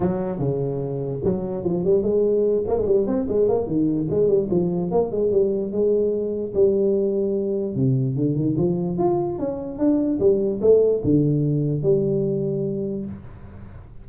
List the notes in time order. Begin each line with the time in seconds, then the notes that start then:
0.00 F#3
0.38 C#3
1.24 F#3
1.64 F3
1.84 G3
2.02 G#3
2.67 A#3
2.77 G#3
2.86 G3
3.06 C4
3.28 G#3
3.48 A#3
3.66 D#3
4.09 G#3
4.27 G3
4.50 F3
4.91 A#3
5.11 G#3
5.31 G3
5.71 G#3
6.54 G3
7.75 C3
8.15 D3
8.36 D#3
8.57 F3
8.97 F4
9.38 C#4
9.78 D4
10.19 G3
10.61 A3
11.04 D3
11.82 G3